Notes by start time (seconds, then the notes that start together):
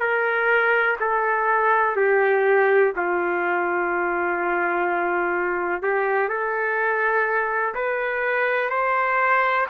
0.00 A#4
1.00 A4
1.97 G4
2.96 F4
5.83 G4
6.29 A4
7.75 B4
8.70 C5